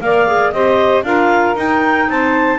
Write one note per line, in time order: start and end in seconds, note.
0.00 0.52 A#3
0.00 0.27 A#4
0.00 0.53 D5
0.00 0.51 F5
0.27 0.53 G#4
0.51 1.03 C4
0.51 1.04 G4
0.51 1.05 C5
0.51 1.03 D#5
1.03 1.55 D4
1.03 1.55 F4
1.03 2.09 A#4
1.03 1.55 F5
1.55 2.59 D#4
1.55 2.08 D#4
1.55 2.10 G5
2.08 2.59 C4
2.08 2.59 C5
2.08 2.59 A5